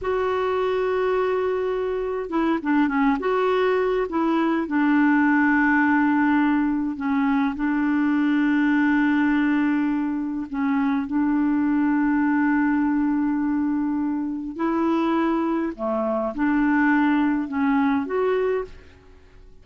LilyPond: \new Staff \with { instrumentName = "clarinet" } { \time 4/4 \tempo 4 = 103 fis'1 | e'8 d'8 cis'8 fis'4. e'4 | d'1 | cis'4 d'2.~ |
d'2 cis'4 d'4~ | d'1~ | d'4 e'2 a4 | d'2 cis'4 fis'4 | }